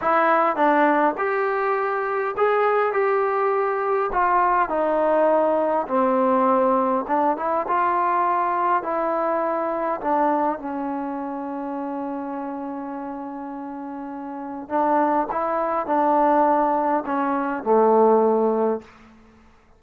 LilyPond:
\new Staff \with { instrumentName = "trombone" } { \time 4/4 \tempo 4 = 102 e'4 d'4 g'2 | gis'4 g'2 f'4 | dis'2 c'2 | d'8 e'8 f'2 e'4~ |
e'4 d'4 cis'2~ | cis'1~ | cis'4 d'4 e'4 d'4~ | d'4 cis'4 a2 | }